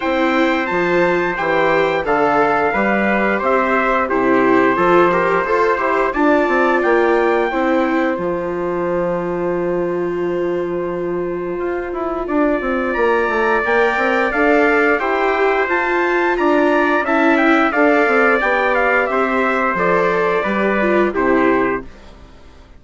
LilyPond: <<
  \new Staff \with { instrumentName = "trumpet" } { \time 4/4 \tempo 4 = 88 g''4 a''4 g''4 f''4~ | f''4 e''4 c''2~ | c''4 a''4 g''2 | a''1~ |
a''2. ais''4 | g''4 f''4 g''4 a''4 | ais''4 a''8 g''8 f''4 g''8 f''8 | e''4 d''2 c''4 | }
  \new Staff \with { instrumentName = "trumpet" } { \time 4/4 c''2. a'4 | b'4 c''4 g'4 a'8 ais'8 | c''4 d''2 c''4~ | c''1~ |
c''2 d''2~ | d''2 c''2 | d''4 e''4 d''2 | c''2 b'4 g'4 | }
  \new Staff \with { instrumentName = "viola" } { \time 4/4 e'4 f'4 g'4 a'4 | g'2 e'4 f'8 g'8 | a'8 g'8 f'2 e'4 | f'1~ |
f'1 | ais'4 a'4 g'4 f'4~ | f'4 e'4 a'4 g'4~ | g'4 a'4 g'8 f'8 e'4 | }
  \new Staff \with { instrumentName = "bassoon" } { \time 4/4 c'4 f4 e4 d4 | g4 c'4 c4 f4 | f'8 e'8 d'8 c'8 ais4 c'4 | f1~ |
f4 f'8 e'8 d'8 c'8 ais8 a8 | ais8 c'8 d'4 e'4 f'4 | d'4 cis'4 d'8 c'8 b4 | c'4 f4 g4 c4 | }
>>